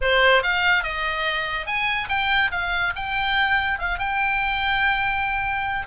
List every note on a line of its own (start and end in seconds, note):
0.01 0.43 C5
0.43 0.83 F5
0.83 1.66 D#5
1.66 2.08 G#5
2.08 2.50 G5
2.51 2.93 F5
2.95 3.78 G5
3.78 3.98 F5
3.98 5.87 G5